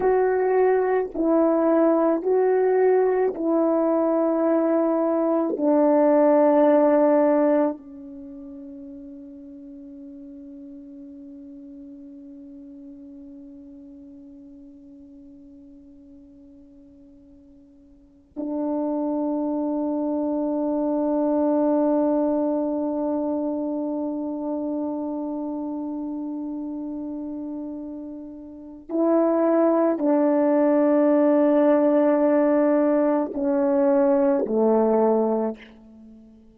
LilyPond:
\new Staff \with { instrumentName = "horn" } { \time 4/4 \tempo 4 = 54 fis'4 e'4 fis'4 e'4~ | e'4 d'2 cis'4~ | cis'1~ | cis'1~ |
cis'8 d'2.~ d'8~ | d'1~ | d'2 e'4 d'4~ | d'2 cis'4 a4 | }